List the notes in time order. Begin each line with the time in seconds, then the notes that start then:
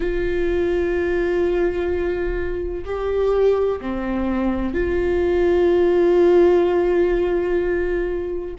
0.00 F4
2.84 G4
3.81 C4
4.74 F4